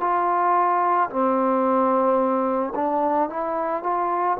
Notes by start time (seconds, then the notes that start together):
0.00 F4
1.10 C4
2.75 D4
3.29 E4
3.83 F4